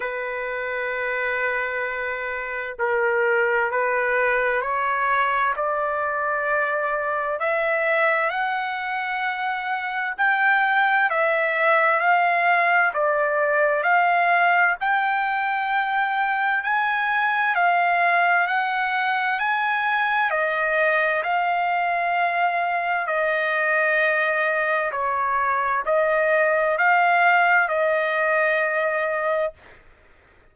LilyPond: \new Staff \with { instrumentName = "trumpet" } { \time 4/4 \tempo 4 = 65 b'2. ais'4 | b'4 cis''4 d''2 | e''4 fis''2 g''4 | e''4 f''4 d''4 f''4 |
g''2 gis''4 f''4 | fis''4 gis''4 dis''4 f''4~ | f''4 dis''2 cis''4 | dis''4 f''4 dis''2 | }